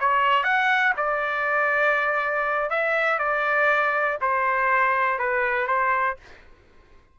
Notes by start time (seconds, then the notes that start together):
0.00 C#5
0.44 F#5
0.96 D5
2.70 E5
3.19 D5
4.21 C5
5.19 B4
5.67 C5